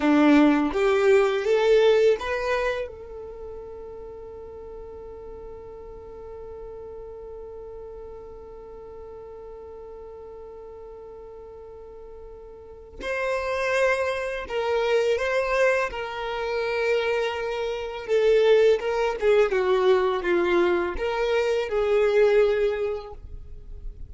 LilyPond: \new Staff \with { instrumentName = "violin" } { \time 4/4 \tempo 4 = 83 d'4 g'4 a'4 b'4 | a'1~ | a'1~ | a'1~ |
a'2 c''2 | ais'4 c''4 ais'2~ | ais'4 a'4 ais'8 gis'8 fis'4 | f'4 ais'4 gis'2 | }